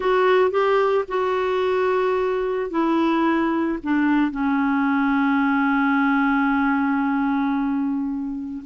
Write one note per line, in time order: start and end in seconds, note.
0.00 0.50 F#4
0.50 1.04 G4
1.08 2.70 F#4
2.70 3.78 E4
3.83 4.31 D4
4.31 8.63 C#4